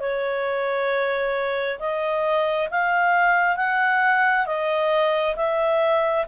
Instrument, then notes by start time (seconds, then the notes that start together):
clarinet
0.00 C#5
1.80 D#5
2.71 F5
3.57 F#5
4.47 D#5
5.36 E5